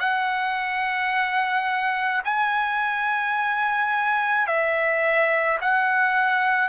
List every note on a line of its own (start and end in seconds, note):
0.00 2.22 F#5
2.25 4.47 G#5
4.47 5.59 E5
5.61 6.69 F#5